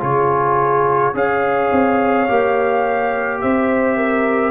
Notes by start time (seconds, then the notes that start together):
0.00 C#3 F4 G#4 C#5
1.14 C#4 G#4 C#5 F5
1.72 C4
2.28 A#3 G4
3.42 C4 C5 E5
3.97 A#4